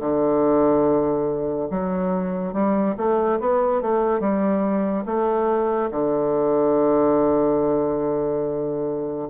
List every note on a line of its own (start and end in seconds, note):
0.00 1.69 D3
1.70 2.53 F#3
2.53 2.95 G3
2.97 3.39 A3
3.40 3.81 B3
3.81 4.20 A3
4.20 5.04 G3
5.06 5.90 A3
5.91 9.29 D3